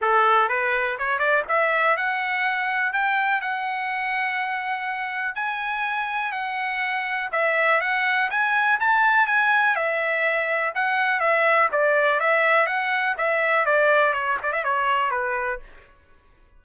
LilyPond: \new Staff \with { instrumentName = "trumpet" } { \time 4/4 \tempo 4 = 123 a'4 b'4 cis''8 d''8 e''4 | fis''2 g''4 fis''4~ | fis''2. gis''4~ | gis''4 fis''2 e''4 |
fis''4 gis''4 a''4 gis''4 | e''2 fis''4 e''4 | d''4 e''4 fis''4 e''4 | d''4 cis''8 d''16 e''16 cis''4 b'4 | }